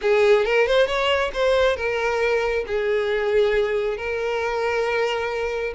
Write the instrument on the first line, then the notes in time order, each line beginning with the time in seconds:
violin
0.01 G#4
0.45 A#4
0.67 C5
0.86 C#5
1.33 C5
1.76 A#4
2.66 G#4
3.97 A#4